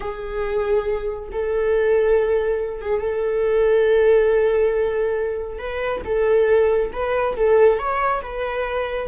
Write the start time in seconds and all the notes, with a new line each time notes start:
0.00 G#4
1.32 A4
2.81 G#4
3.00 A4
5.58 B4
6.05 A4
6.93 B4
7.36 A4
7.78 C#5
8.22 B4